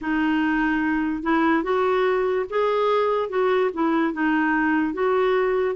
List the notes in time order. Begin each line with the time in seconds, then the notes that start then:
0.01 D#4
1.22 E4
1.63 F#4
2.49 G#4
3.29 F#4
3.73 E4
4.13 D#4
4.93 F#4